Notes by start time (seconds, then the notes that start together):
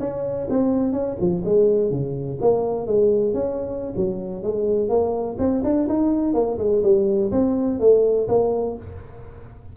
0.00 C#4
0.50 C4
0.93 C#4
1.20 F3
1.45 G#3
1.91 C#3
2.41 A#3
2.87 G#3
3.34 C#4
3.97 F#3
4.43 G#3
4.89 A#3
5.39 C4
5.64 D4
5.89 D#4
6.34 A#3
6.58 G#3
6.83 G3
7.32 C4
7.80 A3
8.29 A#3